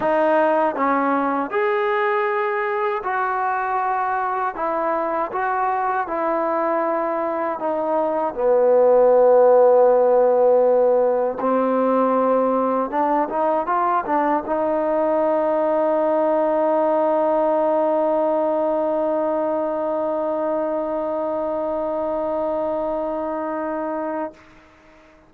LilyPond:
\new Staff \with { instrumentName = "trombone" } { \time 4/4 \tempo 4 = 79 dis'4 cis'4 gis'2 | fis'2 e'4 fis'4 | e'2 dis'4 b4~ | b2. c'4~ |
c'4 d'8 dis'8 f'8 d'8 dis'4~ | dis'1~ | dis'1~ | dis'1 | }